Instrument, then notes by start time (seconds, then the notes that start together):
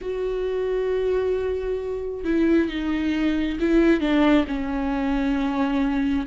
viola
0.01 F#4
2.24 E4
2.69 D#4
3.59 E4
4.00 D4
4.47 C#4